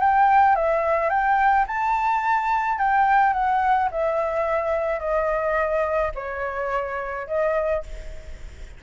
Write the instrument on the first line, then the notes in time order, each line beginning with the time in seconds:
flute
0.00 G5
0.55 E5
1.09 G5
1.67 A5
2.78 G5
3.33 F#5
3.91 E5
4.99 D#5
6.15 C#5
7.27 D#5